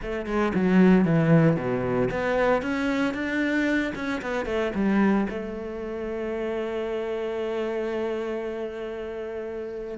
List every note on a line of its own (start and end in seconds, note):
0.01 0.26 A3
0.26 0.52 G#3
0.54 1.04 F#3
1.04 1.56 E3
1.56 2.09 B2
2.11 2.62 B3
2.62 3.14 C#4
3.14 3.93 D4
3.95 4.21 C#4
4.21 4.45 B3
4.45 4.72 A3
4.74 5.27 G3
5.29 9.98 A3